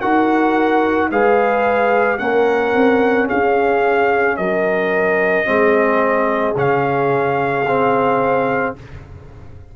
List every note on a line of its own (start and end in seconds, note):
0.00 1.11 D#4
0.00 1.10 F#4
0.00 1.10 A#4
0.00 1.09 F#5
1.11 2.19 G#3
1.11 2.18 G#4
1.11 2.20 B4
1.11 2.18 F5
2.18 2.73 A#3
2.18 5.45 C#4
2.18 3.26 A#4
2.18 3.27 F#5
2.74 3.29 C4
3.26 4.38 C#4
3.26 4.35 G#4
3.26 4.36 F5
4.36 5.47 F#3
4.36 5.47 A#4
4.36 6.54 D#5
5.45 6.55 G#3
5.45 6.54 C4
5.45 8.75 G#4
6.55 8.73 C#3
6.55 7.65 C#4
6.55 8.75 F5
7.66 8.75 C4